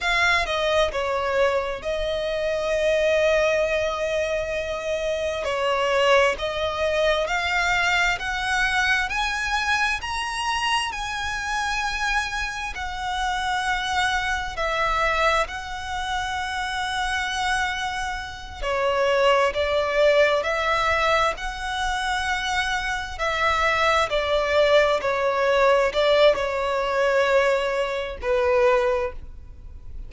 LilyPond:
\new Staff \with { instrumentName = "violin" } { \time 4/4 \tempo 4 = 66 f''8 dis''8 cis''4 dis''2~ | dis''2 cis''4 dis''4 | f''4 fis''4 gis''4 ais''4 | gis''2 fis''2 |
e''4 fis''2.~ | fis''8 cis''4 d''4 e''4 fis''8~ | fis''4. e''4 d''4 cis''8~ | cis''8 d''8 cis''2 b'4 | }